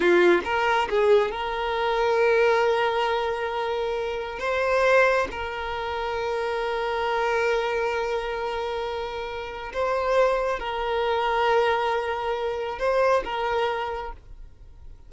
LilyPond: \new Staff \with { instrumentName = "violin" } { \time 4/4 \tempo 4 = 136 f'4 ais'4 gis'4 ais'4~ | ais'1~ | ais'2 c''2 | ais'1~ |
ais'1~ | ais'2 c''2 | ais'1~ | ais'4 c''4 ais'2 | }